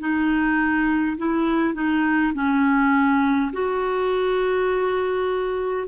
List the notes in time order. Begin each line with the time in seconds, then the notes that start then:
0.00 D#4
1.18 E4
1.75 D#4
2.34 C#4
3.53 F#4